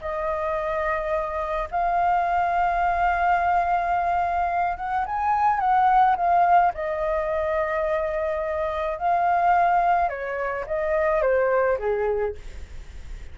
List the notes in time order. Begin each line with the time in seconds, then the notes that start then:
0.00 D#5
1.71 F5
4.77 F#5
5.05 G#5
5.59 F#5
6.16 F5
6.74 D#5
8.98 F5
10.09 C#5
10.66 D#5
11.21 C5
11.78 G#4